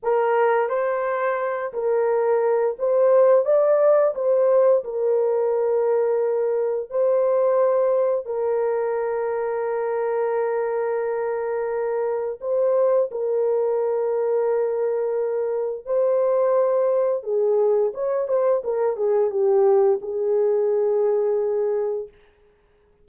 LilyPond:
\new Staff \with { instrumentName = "horn" } { \time 4/4 \tempo 4 = 87 ais'4 c''4. ais'4. | c''4 d''4 c''4 ais'4~ | ais'2 c''2 | ais'1~ |
ais'2 c''4 ais'4~ | ais'2. c''4~ | c''4 gis'4 cis''8 c''8 ais'8 gis'8 | g'4 gis'2. | }